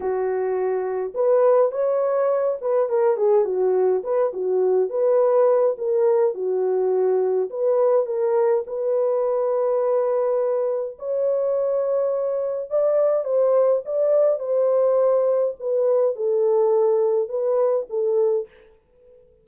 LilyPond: \new Staff \with { instrumentName = "horn" } { \time 4/4 \tempo 4 = 104 fis'2 b'4 cis''4~ | cis''8 b'8 ais'8 gis'8 fis'4 b'8 fis'8~ | fis'8 b'4. ais'4 fis'4~ | fis'4 b'4 ais'4 b'4~ |
b'2. cis''4~ | cis''2 d''4 c''4 | d''4 c''2 b'4 | a'2 b'4 a'4 | }